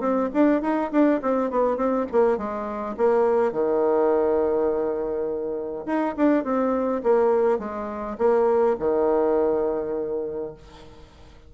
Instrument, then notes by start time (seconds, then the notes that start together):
bassoon
0.00 C4
0.33 D4
0.62 D#4
0.91 D4
1.22 C4
1.50 B3
1.77 C4
2.12 A#3
2.38 G#3
2.97 A#3
3.52 D#3
5.86 D#4
6.17 D4
6.44 C4
7.03 A#3
7.59 G#3
8.18 A#3
8.79 D#3